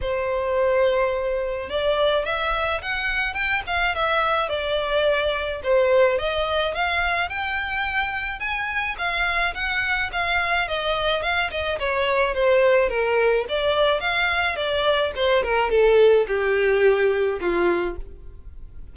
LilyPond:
\new Staff \with { instrumentName = "violin" } { \time 4/4 \tempo 4 = 107 c''2. d''4 | e''4 fis''4 g''8 f''8 e''4 | d''2 c''4 dis''4 | f''4 g''2 gis''4 |
f''4 fis''4 f''4 dis''4 | f''8 dis''8 cis''4 c''4 ais'4 | d''4 f''4 d''4 c''8 ais'8 | a'4 g'2 f'4 | }